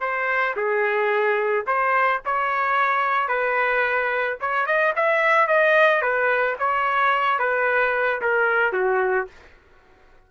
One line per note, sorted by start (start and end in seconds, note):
0.00 0.55 C5
0.56 1.65 G#4
1.66 2.21 C5
2.25 3.28 C#5
3.28 4.37 B4
4.40 4.66 C#5
4.66 4.93 D#5
4.95 5.47 E5
5.47 6.01 D#5
6.01 6.56 B4
6.59 7.39 C#5
7.39 8.21 B4
8.21 8.72 A#4
8.72 9.27 F#4